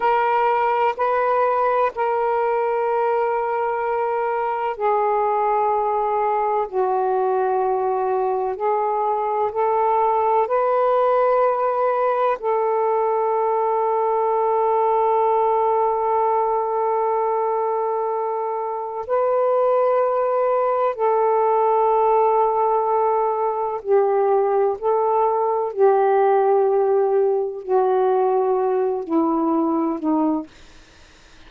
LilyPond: \new Staff \with { instrumentName = "saxophone" } { \time 4/4 \tempo 4 = 63 ais'4 b'4 ais'2~ | ais'4 gis'2 fis'4~ | fis'4 gis'4 a'4 b'4~ | b'4 a'2.~ |
a'1 | b'2 a'2~ | a'4 g'4 a'4 g'4~ | g'4 fis'4. e'4 dis'8 | }